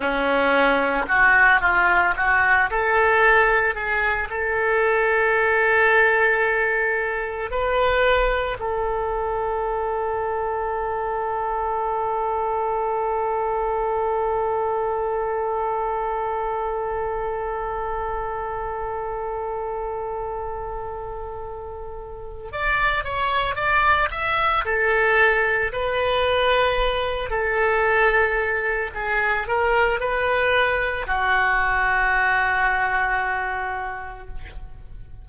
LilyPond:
\new Staff \with { instrumentName = "oboe" } { \time 4/4 \tempo 4 = 56 cis'4 fis'8 f'8 fis'8 a'4 gis'8 | a'2. b'4 | a'1~ | a'1~ |
a'1~ | a'4 d''8 cis''8 d''8 e''8 a'4 | b'4. a'4. gis'8 ais'8 | b'4 fis'2. | }